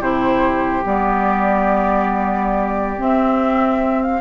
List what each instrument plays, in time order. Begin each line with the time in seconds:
0.00 bassoon C3, clarinet E4, oboe G4, flute C5
0.85 bassoon G3, clarinet B3, flute D5
2.98 clarinet C4, bassoon C4, flute E5
4.02 flute F5